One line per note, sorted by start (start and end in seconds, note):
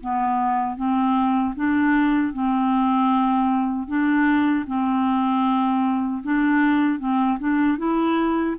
0.00 0.76 B3
0.76 1.54 C4
1.55 2.33 D4
2.33 3.87 C4
3.87 4.65 D4
4.66 6.22 C4
6.23 6.99 D4
6.99 7.38 C4
7.39 7.78 D4
7.78 8.56 E4